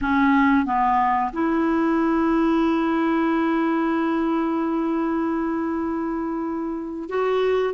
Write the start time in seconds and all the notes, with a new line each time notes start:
0.01 C#4
0.65 B3
1.32 E4
7.09 F#4